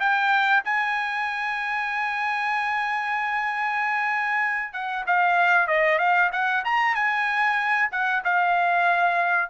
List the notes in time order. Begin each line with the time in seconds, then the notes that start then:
0.00 G5
0.65 G#5
4.73 F#5
5.07 F5
5.68 D#5
5.99 F5
6.32 F#5
6.65 A#5
6.95 G#5
7.92 F#5
8.24 F5